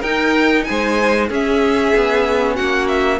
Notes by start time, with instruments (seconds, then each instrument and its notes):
0.00 cello D#4, viola D#4, violin A#4 G5
0.64 violin C5 G#5
0.70 cello G#3
1.29 cello C#4, viola C#4, violin G#4 E5
1.95 cello B3
2.56 cello A#3, violin F#4 F#5
2.88 violin E5